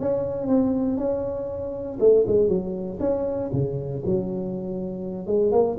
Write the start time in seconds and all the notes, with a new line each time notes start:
0.00 C#4
0.48 C4
0.98 C#4
2.00 A3
2.28 G#3
2.49 F#3
3.00 C#4
3.53 C#3
4.06 F#3
5.27 G#3
5.52 A#3